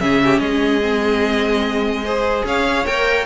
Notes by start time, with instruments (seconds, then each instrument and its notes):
0.00 cello C#3, viola C#4, violin G#4 E5
0.24 violin G4
0.38 cello G#3, violin G#4 D#5
0.81 viola C4
2.04 viola G#4, violin C5
2.44 cello C#4, violin C#5 F5
2.86 cello A#3, viola A#4, violin G5